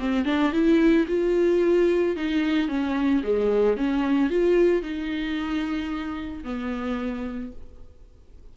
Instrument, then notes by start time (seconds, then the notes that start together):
viola
0.00 C4
0.26 D4
0.53 E4
1.08 F4
2.16 D#4
2.69 C#4
3.24 G#3
3.77 C#4
4.30 F4
4.83 D#4
6.44 B3